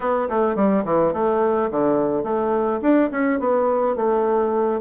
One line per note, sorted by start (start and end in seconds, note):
0.00 0.28 B3
0.29 0.55 A3
0.55 0.84 G3
0.84 1.13 E3
1.13 1.70 A3
1.70 2.23 D3
2.23 2.80 A3
2.81 3.10 D4
3.11 3.39 C#4
3.39 3.96 B3
3.96 4.80 A3